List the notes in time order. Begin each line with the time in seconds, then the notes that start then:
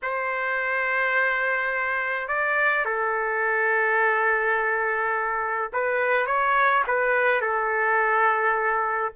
0.02 C5
2.28 D5
2.85 A4
5.72 B4
6.26 C#5
6.87 B4
7.41 A4